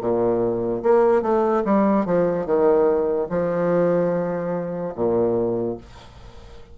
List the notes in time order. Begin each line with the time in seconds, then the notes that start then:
0.00 A#2
0.82 A#3
1.22 A3
1.64 G3
2.05 F3
2.45 D#3
3.29 F3
4.95 A#2